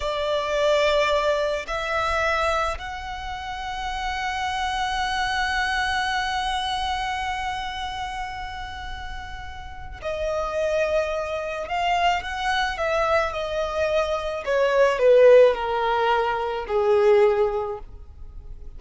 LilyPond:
\new Staff \with { instrumentName = "violin" } { \time 4/4 \tempo 4 = 108 d''2. e''4~ | e''4 fis''2.~ | fis''1~ | fis''1~ |
fis''2 dis''2~ | dis''4 f''4 fis''4 e''4 | dis''2 cis''4 b'4 | ais'2 gis'2 | }